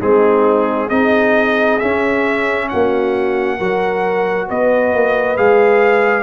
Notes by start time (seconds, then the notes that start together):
0.00 G#3 C4 D#4 G#4
0.86 C4 D#4 G#4 D#5
1.79 C#4 E5
2.69 A#3 F#4 F#5
3.57 F#3 F#4 A#4
4.48 B3 B4 D#5
4.93 A#3
5.36 G#3 G#4 F5